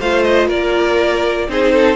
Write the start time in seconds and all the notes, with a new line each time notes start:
0.00 A3 F4 C5 F5
0.24 D#5
0.48 A#3 A#4 D5
1.49 C4 D#4 G#4 C5
1.73 A4